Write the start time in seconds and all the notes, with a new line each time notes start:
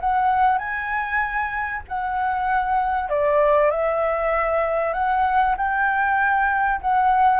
0.00 F#5
0.58 G#5
1.88 F#5
3.09 D5
3.71 E5
4.93 F#5
5.57 G5
6.81 F#5